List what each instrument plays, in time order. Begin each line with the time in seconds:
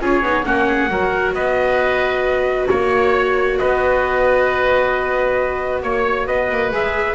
0.00 double bass C#4, viola F4, oboe G#4, trumpet C#5
0.22 double bass B3, viola D#4
0.44 double bass A#3, viola C#4, oboe F#4, trumpet F#5
0.67 oboe G#4
0.89 double bass F#3, viola F#4, oboe A#4
1.33 double bass B3, oboe B4, trumpet D#5
2.68 double bass A#3, trumpet C#5, oboe C#5
3.58 double bass B3, oboe B4, trumpet D#5
5.82 double bass A#3, trumpet C#5, oboe C#5
6.26 double bass B3, oboe B4, trumpet D#5
6.49 double bass A#3
6.70 double bass G#3, viola G#4, trumpet E5